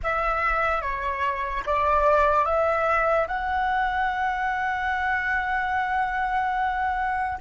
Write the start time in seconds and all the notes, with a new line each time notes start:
0.03 E5
0.81 C#5
1.66 D5
2.45 E5
3.27 F#5